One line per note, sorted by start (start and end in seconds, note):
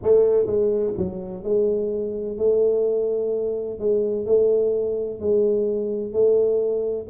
0.02 0.46 A3
0.46 0.93 G#3
0.97 1.43 F#3
1.43 2.37 G#3
2.37 3.79 A3
3.79 4.26 G#3
4.26 5.20 A3
5.20 6.12 G#3
6.12 7.07 A3